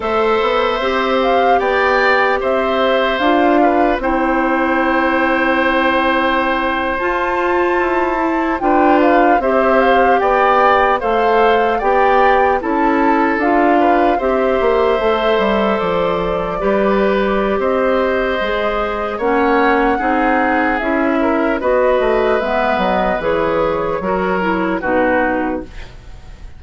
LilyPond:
<<
  \new Staff \with { instrumentName = "flute" } { \time 4/4 \tempo 4 = 75 e''4. f''8 g''4 e''4 | f''4 g''2.~ | g''8. a''2 g''8 f''8 e''16~ | e''16 f''8 g''4 f''4 g''4 a''16~ |
a''8. f''4 e''2 d''16~ | d''2 dis''2 | fis''2 e''4 dis''4 | e''8 dis''8 cis''2 b'4 | }
  \new Staff \with { instrumentName = "oboe" } { \time 4/4 c''2 d''4 c''4~ | c''8 b'8 c''2.~ | c''2~ c''8. b'4 c''16~ | c''8. d''4 c''4 d''4 a'16~ |
a'4~ a'16 b'8 c''2~ c''16~ | c''8. b'4~ b'16 c''2 | cis''4 gis'4. ais'8 b'4~ | b'2 ais'4 fis'4 | }
  \new Staff \with { instrumentName = "clarinet" } { \time 4/4 a'4 g'2. | f'4 e'2.~ | e'8. f'4. e'8 f'4 g'16~ | g'4.~ g'16 a'4 g'4 e'16~ |
e'8. f'4 g'4 a'4~ a'16~ | a'8. g'2~ g'16 gis'4 | cis'4 dis'4 e'4 fis'4 | b4 gis'4 fis'8 e'8 dis'4 | }
  \new Staff \with { instrumentName = "bassoon" } { \time 4/4 a8 b8 c'4 b4 c'4 | d'4 c'2.~ | c'8. f'4 e'4 d'4 c'16~ | c'8. b4 a4 b4 cis'16~ |
cis'8. d'4 c'8 ais8 a8 g8 f16~ | f8. g4~ g16 c'4 gis4 | ais4 c'4 cis'4 b8 a8 | gis8 fis8 e4 fis4 b,4 | }
>>